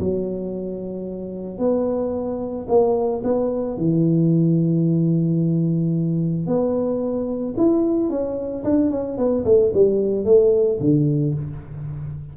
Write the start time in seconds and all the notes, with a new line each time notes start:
0.00 F#3
1.59 B3
2.69 A#3
3.24 B3
3.78 E3
6.47 B3
7.58 E4
8.10 C#4
8.64 D4
8.91 C#4
9.18 B3
9.45 A3
9.74 G3
10.25 A3
10.81 D3